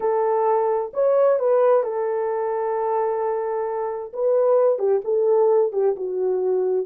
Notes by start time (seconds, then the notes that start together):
0.00 A4
0.93 C#5
1.39 B4
1.83 A4
4.13 B4
4.78 G4
5.04 A4
5.72 G4
5.95 F#4